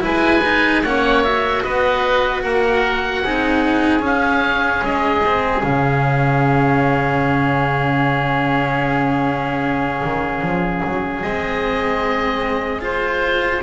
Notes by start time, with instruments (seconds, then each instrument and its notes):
0.00 double bass G#3, cello E4, oboe B4 G#5
0.44 cello D#4
0.83 double bass A#3, cello C#4, oboe C#5 F#5
1.24 cello F#4, oboe E5
1.64 double bass B3, oboe B4 D#5
2.41 double bass A#3, oboe A#4 F#5
3.24 double bass C4, cello D#4, oboe G#4
4.00 cello C#4, double bass C#4, oboe F5
4.82 double bass G#3, oboe D#5
5.25 cello C4
5.63 double bass C#3, cello C#4, oboe F5
10.04 double bass D#3
10.42 double bass F3
10.85 double bass F#3
11.22 double bass G#3, cello C4, oboe D#5
12.81 cello F4, oboe C5